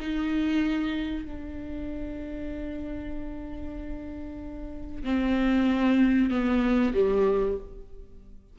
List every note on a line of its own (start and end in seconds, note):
0.00 1.25 D#4
1.25 5.04 D4
5.04 6.30 C4
6.30 6.93 B3
6.94 7.57 G3